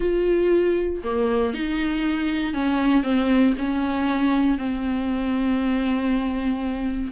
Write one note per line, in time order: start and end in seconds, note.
0.00 1.02 F4
1.03 1.53 A#3
1.53 2.53 D#4
2.53 3.03 C#4
3.03 3.54 C4
3.58 4.58 C#4
4.58 7.12 C4